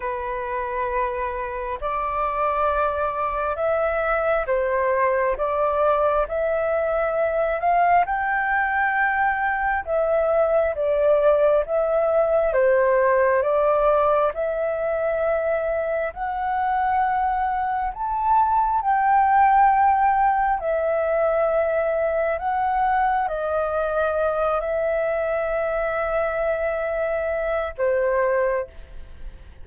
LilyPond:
\new Staff \with { instrumentName = "flute" } { \time 4/4 \tempo 4 = 67 b'2 d''2 | e''4 c''4 d''4 e''4~ | e''8 f''8 g''2 e''4 | d''4 e''4 c''4 d''4 |
e''2 fis''2 | a''4 g''2 e''4~ | e''4 fis''4 dis''4. e''8~ | e''2. c''4 | }